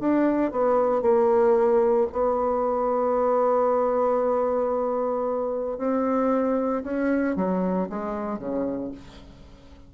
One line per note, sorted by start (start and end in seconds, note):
0.00 0.52 D4
0.52 1.02 B3
1.02 2.07 A#3
2.12 5.78 B3
5.78 6.83 C4
6.84 7.36 C#4
7.36 7.89 F#3
7.90 8.39 G#3
8.39 8.92 C#3